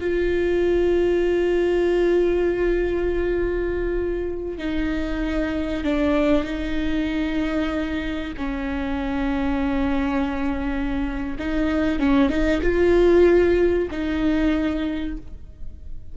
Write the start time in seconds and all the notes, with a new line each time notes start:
0.00 F4
4.58 D#4
5.84 D4
6.44 D#4
8.37 C#4
11.39 D#4
11.99 C#4
12.30 D#4
12.62 F4
13.91 D#4